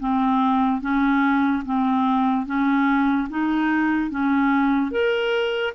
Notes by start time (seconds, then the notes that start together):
0.00 C4
0.81 C#4
1.65 C4
2.46 C#4
3.30 D#4
4.11 C#4
4.91 A#4